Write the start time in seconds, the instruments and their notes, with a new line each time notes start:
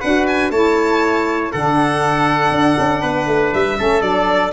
0.00 tuba D4, saxophone F#4, trumpet B4, violin F#5
0.27 violin G#5
0.50 tuba A3, saxophone E4, trumpet C#5, violin A5
1.51 tuba D3, saxophone D4, trumpet A4, violin F#5
2.50 tuba D4
2.78 tuba C#4
3.01 tuba B3, trumpet B4
3.26 tuba A3
3.53 tuba G3, violin E5
3.77 tuba A3, saxophone C#4, trumpet A4
4.01 tuba F#3, saxophone D4, violin D5